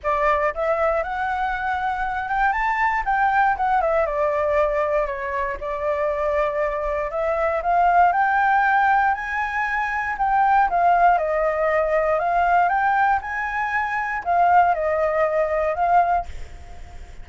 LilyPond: \new Staff \with { instrumentName = "flute" } { \time 4/4 \tempo 4 = 118 d''4 e''4 fis''2~ | fis''8 g''8 a''4 g''4 fis''8 e''8 | d''2 cis''4 d''4~ | d''2 e''4 f''4 |
g''2 gis''2 | g''4 f''4 dis''2 | f''4 g''4 gis''2 | f''4 dis''2 f''4 | }